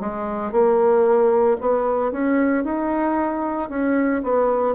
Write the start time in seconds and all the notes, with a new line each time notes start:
0.00 G#3
0.51 A#3
1.60 B3
2.11 C#4
2.64 D#4
3.69 C#4
4.23 B3